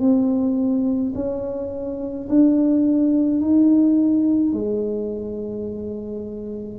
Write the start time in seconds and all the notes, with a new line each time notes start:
0.00 C4
1.15 C#4
2.29 D4
3.41 D#4
4.53 G#3